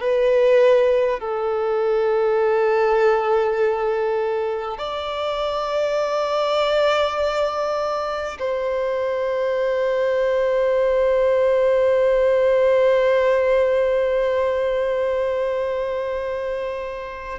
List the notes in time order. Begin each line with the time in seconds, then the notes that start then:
0.00 B4
1.19 A4
4.78 D5
8.39 C5